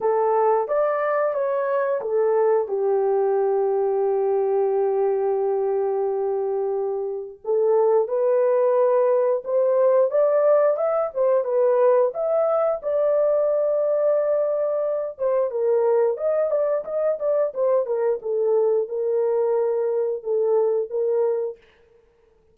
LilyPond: \new Staff \with { instrumentName = "horn" } { \time 4/4 \tempo 4 = 89 a'4 d''4 cis''4 a'4 | g'1~ | g'2. a'4 | b'2 c''4 d''4 |
e''8 c''8 b'4 e''4 d''4~ | d''2~ d''8 c''8 ais'4 | dis''8 d''8 dis''8 d''8 c''8 ais'8 a'4 | ais'2 a'4 ais'4 | }